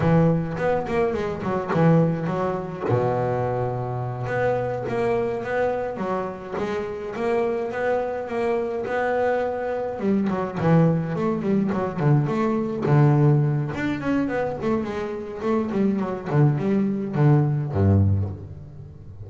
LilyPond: \new Staff \with { instrumentName = "double bass" } { \time 4/4 \tempo 4 = 105 e4 b8 ais8 gis8 fis8 e4 | fis4 b,2~ b,8 b8~ | b8 ais4 b4 fis4 gis8~ | gis8 ais4 b4 ais4 b8~ |
b4. g8 fis8 e4 a8 | g8 fis8 d8 a4 d4. | d'8 cis'8 b8 a8 gis4 a8 g8 | fis8 d8 g4 d4 g,4 | }